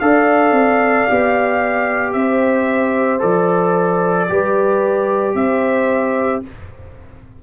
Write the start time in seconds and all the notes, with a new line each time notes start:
0.00 D4 A4 D5 F5
0.51 C4
1.09 B3 G4
2.13 C4 C5 E5
3.19 F3 A4 D5
4.29 G3 G4 B4
5.34 C4 C5 E5